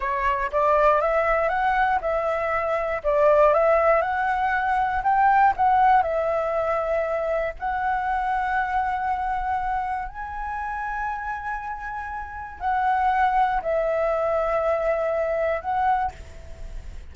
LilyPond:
\new Staff \with { instrumentName = "flute" } { \time 4/4 \tempo 4 = 119 cis''4 d''4 e''4 fis''4 | e''2 d''4 e''4 | fis''2 g''4 fis''4 | e''2. fis''4~ |
fis''1 | gis''1~ | gis''4 fis''2 e''4~ | e''2. fis''4 | }